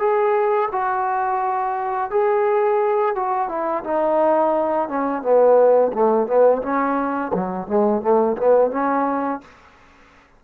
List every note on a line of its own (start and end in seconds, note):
0.00 0.70 G#4
0.72 2.11 F#4
2.11 3.16 G#4
3.16 3.49 F#4
3.49 3.84 E4
3.84 4.89 D#4
4.89 5.23 C#4
5.23 5.92 B3
5.94 6.28 A3
6.28 6.62 B3
6.62 7.32 C#4
7.34 7.68 F#3
7.68 8.02 G#3
8.02 8.37 A3
8.38 8.72 B3
8.72 9.42 C#4